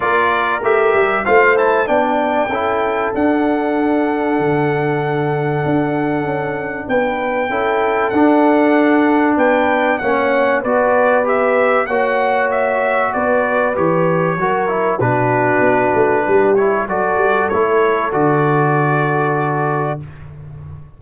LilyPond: <<
  \new Staff \with { instrumentName = "trumpet" } { \time 4/4 \tempo 4 = 96 d''4 e''4 f''8 a''8 g''4~ | g''4 fis''2.~ | fis''2. g''4~ | g''4 fis''2 g''4 |
fis''4 d''4 e''4 fis''4 | e''4 d''4 cis''2 | b'2~ b'8 cis''8 d''4 | cis''4 d''2. | }
  \new Staff \with { instrumentName = "horn" } { \time 4/4 ais'2 c''4 d''4 | a'1~ | a'2. b'4 | a'2. b'4 |
cis''4 b'2 cis''4~ | cis''4 b'2 ais'4 | fis'2 g'4 a'4~ | a'1 | }
  \new Staff \with { instrumentName = "trombone" } { \time 4/4 f'4 g'4 f'8 e'8 d'4 | e'4 d'2.~ | d'1 | e'4 d'2. |
cis'4 fis'4 g'4 fis'4~ | fis'2 g'4 fis'8 e'8 | d'2~ d'8 e'8 fis'4 | e'4 fis'2. | }
  \new Staff \with { instrumentName = "tuba" } { \time 4/4 ais4 a8 g8 a4 b4 | cis'4 d'2 d4~ | d4 d'4 cis'4 b4 | cis'4 d'2 b4 |
ais4 b2 ais4~ | ais4 b4 e4 fis4 | b,4 b8 a8 g4 fis8 g8 | a4 d2. | }
>>